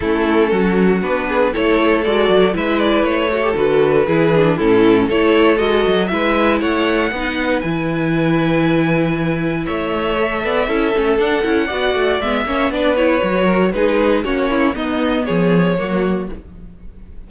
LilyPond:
<<
  \new Staff \with { instrumentName = "violin" } { \time 4/4 \tempo 4 = 118 a'2 b'4 cis''4 | d''4 e''8 d''8 cis''4 b'4~ | b'4 a'4 cis''4 dis''4 | e''4 fis''2 gis''4~ |
gis''2. e''4~ | e''2 fis''2 | e''4 d''8 cis''4. b'4 | cis''4 dis''4 cis''2 | }
  \new Staff \with { instrumentName = "violin" } { \time 4/4 e'4 fis'4. gis'8 a'4~ | a'4 b'4. a'4. | gis'4 e'4 a'2 | b'4 cis''4 b'2~ |
b'2. cis''4~ | cis''8 d''8 a'2 d''4~ | d''8 cis''8 b'4. ais'8 gis'4 | fis'8 e'8 dis'4 gis'4 fis'4 | }
  \new Staff \with { instrumentName = "viola" } { \time 4/4 cis'2 d'4 e'4 | fis'4 e'4. fis'16 g'16 fis'4 | e'8 d'8 cis'4 e'4 fis'4 | e'2 dis'4 e'4~ |
e'1 | a'4 e'8 cis'8 d'8 e'8 fis'4 | b8 cis'8 d'8 e'8 fis'4 dis'4 | cis'4 b2 ais4 | }
  \new Staff \with { instrumentName = "cello" } { \time 4/4 a4 fis4 b4 a4 | gis8 fis8 gis4 a4 d4 | e4 a,4 a4 gis8 fis8 | gis4 a4 b4 e4~ |
e2. a4~ | a8 b8 cis'8 a8 d'8 cis'8 b8 a8 | gis8 ais8 b4 fis4 gis4 | ais4 b4 f4 fis4 | }
>>